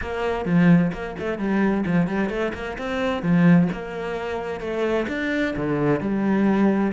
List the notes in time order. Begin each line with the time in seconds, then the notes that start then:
0.01 A#3
0.45 F3
0.92 A#3
1.19 A3
1.38 G3
1.86 F3
2.07 G3
2.29 A3
2.54 A#3
2.78 C4
3.22 F3
3.72 A#3
4.60 A3
5.08 D4
5.56 D3
6.00 G3